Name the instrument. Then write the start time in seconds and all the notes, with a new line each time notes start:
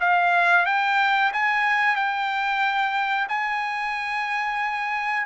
trumpet
0.00 F5
0.65 G5
1.32 G#5
1.95 G5
3.28 G#5